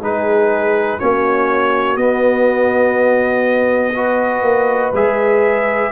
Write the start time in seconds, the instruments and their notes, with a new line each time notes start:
0.00 tuba G#3, trombone D#4, horn G#4, trumpet B4
0.99 tuba A#3, trombone C#4, horn F#4, trumpet C#5
1.97 tuba B3, trombone B3, trumpet D#5
3.95 trombone F#4, horn B4
4.42 tuba A#3
4.93 tuba G#3, trombone G#4, trumpet E5